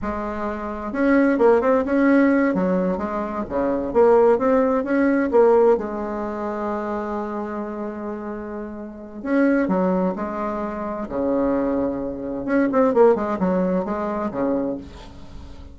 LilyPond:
\new Staff \with { instrumentName = "bassoon" } { \time 4/4 \tempo 4 = 130 gis2 cis'4 ais8 c'8 | cis'4. fis4 gis4 cis8~ | cis8 ais4 c'4 cis'4 ais8~ | ais8 gis2.~ gis8~ |
gis1 | cis'4 fis4 gis2 | cis2. cis'8 c'8 | ais8 gis8 fis4 gis4 cis4 | }